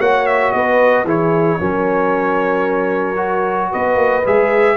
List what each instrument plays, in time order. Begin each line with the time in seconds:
0.00 tuba A#3, trombone F#4, horn C#5, trumpet F#5
0.27 trumpet E5
0.52 tuba B3, horn B4, trumpet D#5
1.05 tuba E3, trombone E4, horn G#4, trumpet C#5
1.60 tuba F#3, trombone C#4, horn A#4
3.17 trombone F#4
3.71 tuba B3, horn B4, trumpet D#5
3.96 tuba A#3
4.26 tuba G#3, trombone G#4, trumpet E5